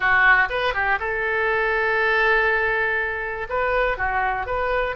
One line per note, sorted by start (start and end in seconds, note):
0.00 0.48 F#4
0.49 0.74 B4
0.74 0.98 G4
0.99 3.47 A4
3.49 3.97 B4
3.97 4.46 F#4
4.46 4.96 B4